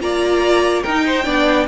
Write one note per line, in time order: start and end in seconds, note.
0.00 0.84 A#3
0.00 0.84 F4
0.00 0.83 D5
0.00 0.82 A#5
0.82 1.25 D#4
0.82 1.24 D#4
0.82 1.04 A#4
0.82 1.66 G5
1.06 1.24 C5
1.24 1.67 B3
1.24 1.66 D4
1.24 1.66 D5